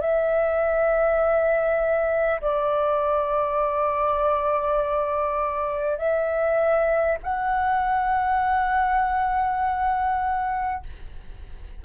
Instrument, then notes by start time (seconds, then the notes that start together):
flute
0.00 E5
2.41 D5
5.98 E5
7.23 F#5